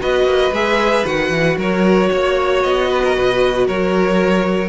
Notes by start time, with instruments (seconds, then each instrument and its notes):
0.00 cello B3, viola F#4, violin B4 D#5
0.24 cello A#3
0.52 cello G#3, viola G#4, violin E5
1.05 cello D#3, viola F#4, violin F#5
1.30 cello E3
1.57 cello F#3, violin A#4 C#5
2.11 cello A#3, violin C#5
2.63 cello B3, violin D#5
2.89 violin B4
3.04 violin A#4
3.16 cello B2, violin B4
3.67 cello F#3, violin A#4 C#5